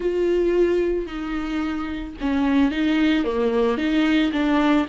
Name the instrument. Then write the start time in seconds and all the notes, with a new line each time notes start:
viola
0.00 F4
1.06 D#4
2.20 C#4
2.71 D#4
3.24 A#3
3.77 D#4
4.32 D4